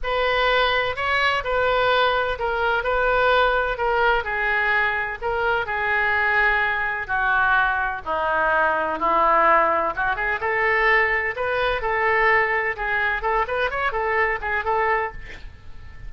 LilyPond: \new Staff \with { instrumentName = "oboe" } { \time 4/4 \tempo 4 = 127 b'2 cis''4 b'4~ | b'4 ais'4 b'2 | ais'4 gis'2 ais'4 | gis'2. fis'4~ |
fis'4 dis'2 e'4~ | e'4 fis'8 gis'8 a'2 | b'4 a'2 gis'4 | a'8 b'8 cis''8 a'4 gis'8 a'4 | }